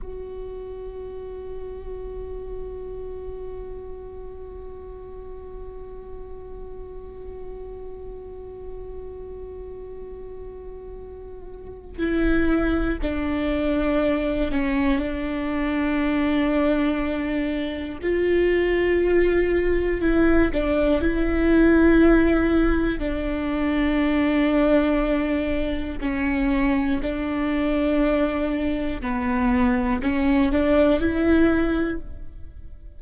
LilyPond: \new Staff \with { instrumentName = "viola" } { \time 4/4 \tempo 4 = 60 fis'1~ | fis'1~ | fis'1 | e'4 d'4. cis'8 d'4~ |
d'2 f'2 | e'8 d'8 e'2 d'4~ | d'2 cis'4 d'4~ | d'4 b4 cis'8 d'8 e'4 | }